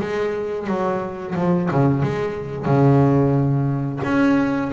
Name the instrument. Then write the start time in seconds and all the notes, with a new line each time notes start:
double bass
0.00 G#3
0.67 F#3
1.35 F3
1.71 C#3
2.02 G#3
2.65 C#3
4.04 C#4